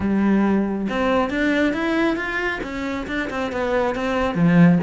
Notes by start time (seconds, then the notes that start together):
0.00 G3
0.89 C4
1.30 D4
1.73 E4
2.16 F4
2.63 C#4
3.07 D4
3.30 C4
3.52 B3
3.95 C4
4.35 F3